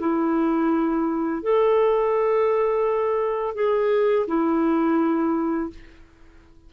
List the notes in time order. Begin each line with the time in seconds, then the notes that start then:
0.00 E4
1.43 A4
3.55 G#4
4.28 E4